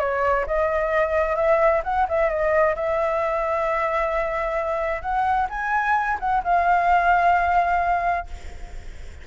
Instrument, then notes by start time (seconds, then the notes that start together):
flute
0.00 C#5
0.47 D#5
1.36 E5
1.84 F#5
2.09 E5
2.30 D#5
2.76 E5
5.02 F#5
5.50 G#5
6.20 F#5
6.44 F5